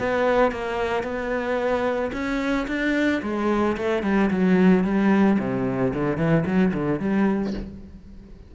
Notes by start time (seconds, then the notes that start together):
0.00 B3
0.52 A#3
1.03 B3
2.13 C#4
2.68 D4
3.23 G#3
3.78 A3
4.03 G3
4.31 F#3
4.84 G3
5.40 C3
5.94 D3
6.18 E3
6.46 F#3
6.74 D3
7.00 G3